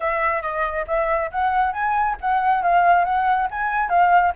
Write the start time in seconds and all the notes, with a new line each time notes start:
0.00 E5
0.42 D#5
0.87 E5
1.31 F#5
1.72 G#5
2.20 F#5
2.62 F5
3.04 F#5
3.50 G#5
3.89 F5